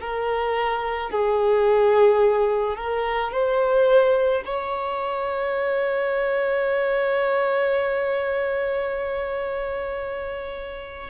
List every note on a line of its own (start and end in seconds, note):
0.00 1.10 A#4
1.10 2.77 G#4
2.77 3.32 A#4
3.32 4.43 C5
4.45 11.10 C#5